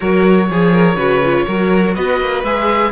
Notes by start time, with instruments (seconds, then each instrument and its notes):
0.00 cello F#3, viola F#4, violin A#4, oboe C#5
0.50 cello F3, violin G#4, viola G#4
0.72 violin A#4
0.96 cello C#3, viola F#4, violin B4
1.24 viola F4
1.46 cello F#3, viola F#4, violin A#4
1.94 cello B3, violin B4, oboe D#5
2.20 cello A#3
2.43 cello G#3, viola G#4, oboe E5